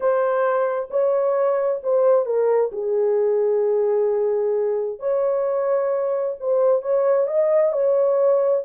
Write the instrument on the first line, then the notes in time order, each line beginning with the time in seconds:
horn
0.00 C5
0.90 C#5
1.83 C5
2.25 A#4
2.71 G#4
4.99 C#5
6.39 C5
6.82 C#5
7.27 D#5
7.72 C#5